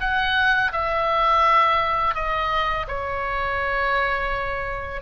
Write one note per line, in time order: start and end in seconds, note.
0.00 0.71 F#5
0.72 2.15 E5
2.15 2.86 D#5
2.88 5.01 C#5